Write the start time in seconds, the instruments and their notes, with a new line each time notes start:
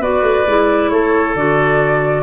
0.00 tuba B3, clarinet F#4, oboe B4, flute D5
0.22 tuba A3
0.46 tuba G#3, clarinet E4
0.89 tuba A3, oboe A4, flute C#5
1.35 tuba D3, clarinet F#4, flute D5